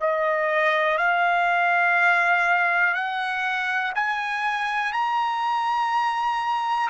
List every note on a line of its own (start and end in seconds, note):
0.00 0.98 D#5
0.98 2.94 F5
2.94 3.93 F#5
3.95 4.92 G#5
4.92 6.89 A#5